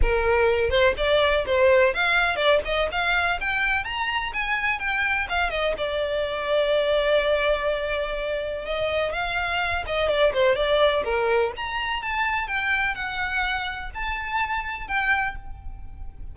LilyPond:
\new Staff \with { instrumentName = "violin" } { \time 4/4 \tempo 4 = 125 ais'4. c''8 d''4 c''4 | f''4 d''8 dis''8 f''4 g''4 | ais''4 gis''4 g''4 f''8 dis''8 | d''1~ |
d''2 dis''4 f''4~ | f''8 dis''8 d''8 c''8 d''4 ais'4 | ais''4 a''4 g''4 fis''4~ | fis''4 a''2 g''4 | }